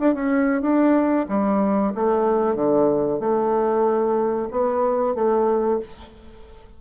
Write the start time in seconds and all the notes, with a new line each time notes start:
0.00 D4
0.15 C#4
0.62 D4
1.29 G3
1.95 A3
2.56 D3
3.20 A3
4.51 B3
5.15 A3